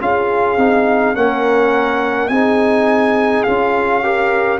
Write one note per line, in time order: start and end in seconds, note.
0.00 0.57 C#4
0.00 0.58 F4
0.00 1.17 G#4
0.00 1.15 F5
0.57 1.14 C4
0.57 1.15 D#4
1.15 2.28 A#3
1.15 2.30 C#4
1.15 2.31 A#4
1.15 2.28 F#5
2.28 3.44 C4
2.28 3.46 D#4
2.28 4.03 G#4
2.28 3.43 G#5
3.43 4.59 C#4
3.43 4.02 F4
3.43 4.58 F5
4.02 4.59 G4
4.02 4.59 A#4